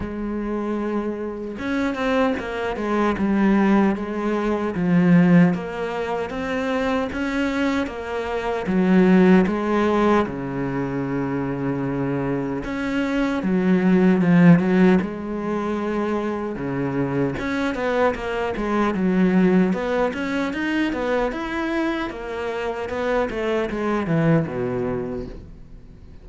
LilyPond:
\new Staff \with { instrumentName = "cello" } { \time 4/4 \tempo 4 = 76 gis2 cis'8 c'8 ais8 gis8 | g4 gis4 f4 ais4 | c'4 cis'4 ais4 fis4 | gis4 cis2. |
cis'4 fis4 f8 fis8 gis4~ | gis4 cis4 cis'8 b8 ais8 gis8 | fis4 b8 cis'8 dis'8 b8 e'4 | ais4 b8 a8 gis8 e8 b,4 | }